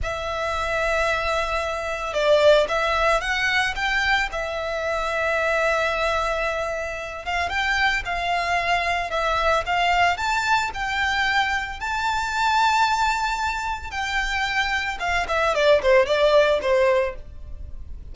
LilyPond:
\new Staff \with { instrumentName = "violin" } { \time 4/4 \tempo 4 = 112 e''1 | d''4 e''4 fis''4 g''4 | e''1~ | e''4. f''8 g''4 f''4~ |
f''4 e''4 f''4 a''4 | g''2 a''2~ | a''2 g''2 | f''8 e''8 d''8 c''8 d''4 c''4 | }